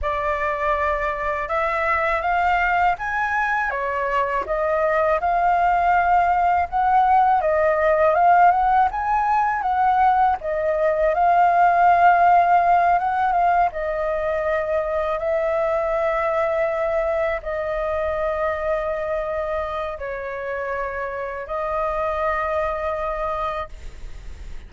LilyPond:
\new Staff \with { instrumentName = "flute" } { \time 4/4 \tempo 4 = 81 d''2 e''4 f''4 | gis''4 cis''4 dis''4 f''4~ | f''4 fis''4 dis''4 f''8 fis''8 | gis''4 fis''4 dis''4 f''4~ |
f''4. fis''8 f''8 dis''4.~ | dis''8 e''2. dis''8~ | dis''2. cis''4~ | cis''4 dis''2. | }